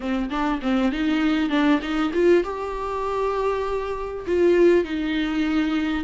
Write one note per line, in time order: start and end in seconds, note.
0.00 0.29 C4
0.30 0.60 D4
0.62 0.92 C4
0.92 1.49 D#4
1.49 1.80 D4
1.82 2.12 D#4
2.13 2.43 F4
2.43 4.25 G4
4.26 4.84 F4
4.84 6.04 D#4